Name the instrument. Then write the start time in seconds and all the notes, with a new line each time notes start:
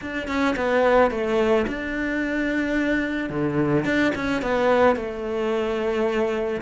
cello
0.01 D4
0.27 C#4
0.56 B3
1.11 A3
1.67 D4
3.29 D3
3.84 D4
4.15 C#4
4.42 B3
4.95 A3